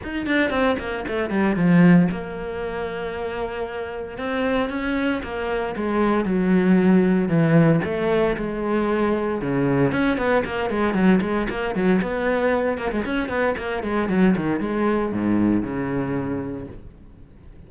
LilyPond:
\new Staff \with { instrumentName = "cello" } { \time 4/4 \tempo 4 = 115 dis'8 d'8 c'8 ais8 a8 g8 f4 | ais1 | c'4 cis'4 ais4 gis4 | fis2 e4 a4 |
gis2 cis4 cis'8 b8 | ais8 gis8 fis8 gis8 ais8 fis8 b4~ | b8 ais16 gis16 cis'8 b8 ais8 gis8 fis8 dis8 | gis4 gis,4 cis2 | }